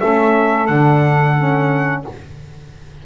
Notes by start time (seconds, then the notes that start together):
0.00 A3 C#4 A4 E5
0.67 D3 D4 F#5
1.37 C#4